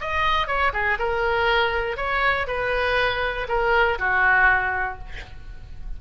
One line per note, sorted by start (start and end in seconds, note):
0.00 0.47 D#5
0.47 0.72 C#5
0.73 0.98 G#4
0.98 1.97 A#4
1.97 2.47 C#5
2.47 3.47 B4
3.48 3.98 A#4
3.98 4.98 F#4